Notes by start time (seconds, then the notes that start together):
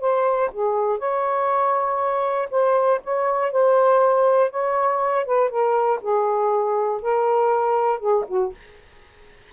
0.00 C5
0.52 G#4
0.99 C#5
2.50 C5
3.04 C#5
3.52 C5
4.51 C#5
5.25 B4
5.50 A#4
6.01 G#4
7.02 A#4
8.00 G#4
8.28 F#4